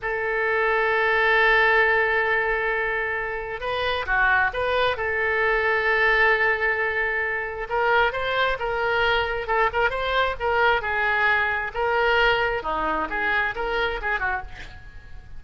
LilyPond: \new Staff \with { instrumentName = "oboe" } { \time 4/4 \tempo 4 = 133 a'1~ | a'1 | b'4 fis'4 b'4 a'4~ | a'1~ |
a'4 ais'4 c''4 ais'4~ | ais'4 a'8 ais'8 c''4 ais'4 | gis'2 ais'2 | dis'4 gis'4 ais'4 gis'8 fis'8 | }